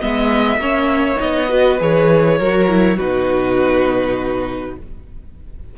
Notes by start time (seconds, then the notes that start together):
0.00 G#3 B3 D#5 E5
0.57 A#3 C#4 C#5
1.16 B3 D#4 D#5
1.49 F#4 B4
1.79 E3 G#4 C#5
2.38 F#3 F#4 A#4
2.68 E4
2.96 B2 D#4 F#4 B4